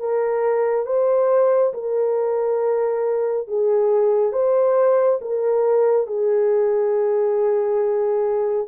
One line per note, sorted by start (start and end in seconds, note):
0.00 0.87 A#4
0.87 1.74 C5
1.74 3.48 A#4
3.48 4.33 G#4
4.33 5.20 C5
5.22 6.07 A#4
6.07 8.68 G#4